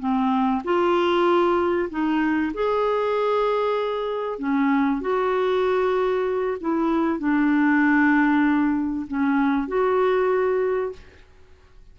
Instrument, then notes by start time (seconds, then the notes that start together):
clarinet
0.00 C4
0.64 F4
1.90 D#4
2.54 G#4
4.39 C#4
5.01 F#4
6.61 E4
7.19 D4
9.08 C#4
9.68 F#4